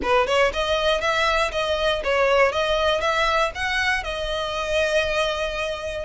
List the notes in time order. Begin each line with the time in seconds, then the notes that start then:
0.02 B4
0.26 C#5
0.53 D#5
1.00 E5
1.51 D#5
2.04 C#5
2.52 D#5
3.00 E5
3.54 F#5
4.03 D#5